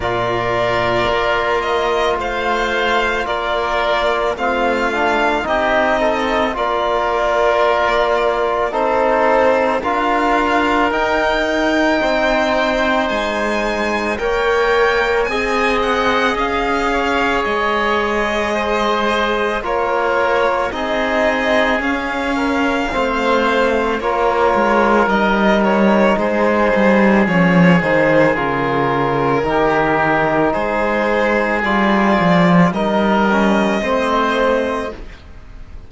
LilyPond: <<
  \new Staff \with { instrumentName = "violin" } { \time 4/4 \tempo 4 = 55 d''4. dis''8 f''4 d''4 | f''4 dis''4 d''2 | c''4 f''4 g''2 | gis''4 g''4 gis''8 fis''8 f''4 |
dis''2 cis''4 dis''4 | f''2 cis''4 dis''8 cis''8 | c''4 cis''8 c''8 ais'2 | c''4 d''4 dis''2 | }
  \new Staff \with { instrumentName = "oboe" } { \time 4/4 ais'2 c''4 ais'4 | f'4 g'8 a'8 ais'2 | a'4 ais'2 c''4~ | c''4 cis''4 dis''4. cis''8~ |
cis''4 c''4 ais'4 gis'4~ | gis'8 ais'8 c''4 ais'2 | gis'2. g'4 | gis'2 ais'4 c''4 | }
  \new Staff \with { instrumentName = "trombone" } { \time 4/4 f'1 | c'8 d'8 dis'4 f'2 | dis'4 f'4 dis'2~ | dis'4 ais'4 gis'2~ |
gis'2 f'4 dis'4 | cis'4 c'4 f'4 dis'4~ | dis'4 cis'8 dis'8 f'4 dis'4~ | dis'4 f'4 dis'8 cis'8 c'4 | }
  \new Staff \with { instrumentName = "cello" } { \time 4/4 ais,4 ais4 a4 ais4 | a4 c'4 ais2 | c'4 d'4 dis'4 c'4 | gis4 ais4 c'4 cis'4 |
gis2 ais4 c'4 | cis'4 a4 ais8 gis8 g4 | gis8 g8 f8 dis8 cis4 dis4 | gis4 g8 f8 g4 a4 | }
>>